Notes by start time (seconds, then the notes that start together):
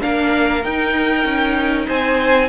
0.00 A#3 D4 A#4 F5
0.64 D#4 G5
1.25 C#4
1.87 C4 C5 G#5